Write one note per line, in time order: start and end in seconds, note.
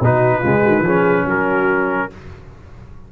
0.00 0.42 B2
0.00 0.43 D#4
0.00 0.38 F#4
0.00 1.28 B4
0.38 0.65 C#3
0.38 0.84 G#3
0.38 0.59 F4
0.63 0.81 D#3
0.63 0.84 F#4
0.81 1.22 F3
0.81 2.10 C#4
0.81 1.25 G#4
1.25 2.08 F#3
1.25 2.09 F#4
1.25 2.12 A#4